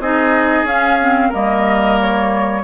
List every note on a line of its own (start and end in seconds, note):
0.00 0.64 C4
0.00 0.67 D#4
0.00 1.30 G#4
0.00 0.67 D#5
0.64 1.30 C#4
0.64 1.00 C#4
0.64 1.33 F5
1.00 1.33 C4
1.30 2.65 G3
1.30 2.64 A#3
1.30 2.61 A#4
1.30 2.00 D#5
2.01 2.65 C#5